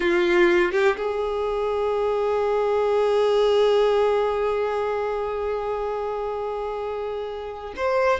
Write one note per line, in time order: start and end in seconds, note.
0.00 0.72 F4
0.72 0.96 G4
0.96 7.74 G#4
7.76 8.19 C5